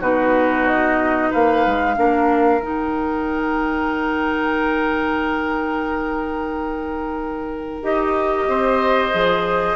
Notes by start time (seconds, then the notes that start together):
0.00 B2 D#4 F#4 B4
0.67 D#5
1.30 A#3 B4 F5
1.66 G#3
1.95 A#3 D4 A#4
2.61 D#3 D#4 G5
7.82 D#4 G4 D#5
8.48 C4 C5
9.11 F3 G#4